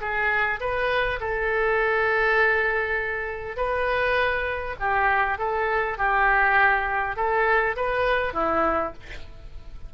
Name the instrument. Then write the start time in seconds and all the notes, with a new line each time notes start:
oboe
0.00 G#4
0.60 B4
1.20 A4
3.56 B4
4.79 G4
5.38 A4
5.98 G4
7.16 A4
7.76 B4
8.33 E4